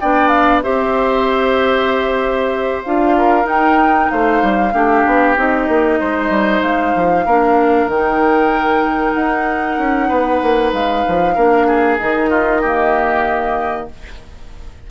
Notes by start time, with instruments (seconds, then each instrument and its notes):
0.00 bassoon B3, clarinet D4, oboe D5, flute G5
0.28 flute F5
0.62 bassoon C4, clarinet G4, oboe C5, flute E5
2.83 bassoon D4, clarinet F4, flute F5
3.17 oboe A#4
3.43 clarinet D#4, bassoon D#4, flute G5
4.09 bassoon A3, oboe C5, flute F5
4.42 bassoon G3
4.73 bassoon A3, clarinet D4, oboe G4
5.06 bassoon B3
5.36 bassoon C4, clarinet D#4, flute D#5
5.67 bassoon A#3
5.99 bassoon G#3, oboe C5
6.29 bassoon G3
6.62 bassoon G#3, flute F5
6.95 bassoon F3
7.25 bassoon A#3, clarinet D4, oboe A#4
7.86 bassoon D#3, clarinet D#4, flute G5
9.13 bassoon D#4, flute F#5
9.78 bassoon C#4
10.08 bassoon B3, oboe B4
10.42 bassoon A#3
10.72 bassoon G#3, flute F5
11.07 bassoon F3
11.35 bassoon A#3, clarinet D4, oboe A#4
11.67 oboe G#4
11.98 bassoon D#3, clarinet D#4, flute D#5
12.29 oboe F4
12.61 clarinet A#3, oboe G4